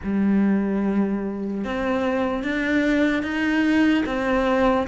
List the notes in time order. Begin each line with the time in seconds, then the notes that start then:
0.03 G3
1.64 C4
2.43 D4
3.22 D#4
4.05 C4